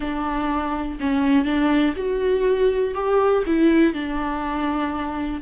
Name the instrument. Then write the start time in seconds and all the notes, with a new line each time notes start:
viola
0.00 D4
1.00 C#4
1.44 D4
1.96 F#4
2.94 G4
3.46 E4
3.93 D4